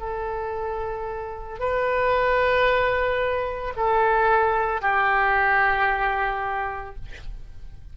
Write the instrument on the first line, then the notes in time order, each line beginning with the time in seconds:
oboe
0.00 A4
1.60 B4
3.77 A4
4.82 G4